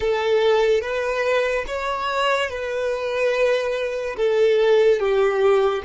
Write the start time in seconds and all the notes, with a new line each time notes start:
0.00 A4
0.81 B4
1.67 C#5
2.49 B4
4.16 A4
4.99 G4